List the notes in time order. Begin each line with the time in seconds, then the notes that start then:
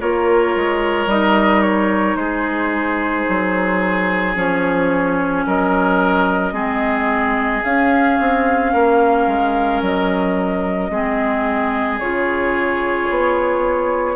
0.00 A#3 F4 A#4 C#5
0.56 G#3
1.06 G3 D#4 D#5
1.62 C#5
2.16 G#3 G#4 C5
3.29 F#3
4.35 F3 C#4 C#5
5.47 F#3 A#4 D#5
6.53 G#3 C4 G#4
7.64 C#4 F5
8.20 C4
8.73 A#3 A#4
9.27 G#3
9.82 F#3 D#5
10.90 G#3 C4 G#4
12.00 C#3 F4 C#5
13.10 B3